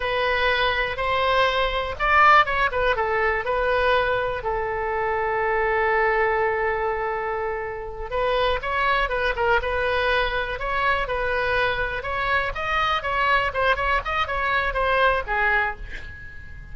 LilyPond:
\new Staff \with { instrumentName = "oboe" } { \time 4/4 \tempo 4 = 122 b'2 c''2 | d''4 cis''8 b'8 a'4 b'4~ | b'4 a'2.~ | a'1~ |
a'8 b'4 cis''4 b'8 ais'8 b'8~ | b'4. cis''4 b'4.~ | b'8 cis''4 dis''4 cis''4 c''8 | cis''8 dis''8 cis''4 c''4 gis'4 | }